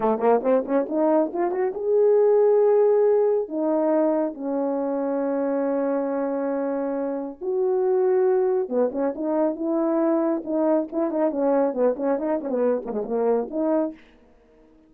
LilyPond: \new Staff \with { instrumentName = "horn" } { \time 4/4 \tempo 4 = 138 a8 ais8 c'8 cis'8 dis'4 f'8 fis'8 | gis'1 | dis'2 cis'2~ | cis'1~ |
cis'4 fis'2. | b8 cis'8 dis'4 e'2 | dis'4 e'8 dis'8 cis'4 b8 cis'8 | dis'8 cis'16 b8. ais16 gis16 ais4 dis'4 | }